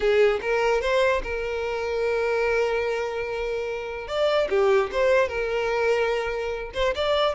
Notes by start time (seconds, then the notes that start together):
0.00 G#4
0.41 A#4
0.81 C5
1.23 A#4
4.07 D5
4.49 G4
4.91 C5
5.28 A#4
6.73 C5
6.95 D5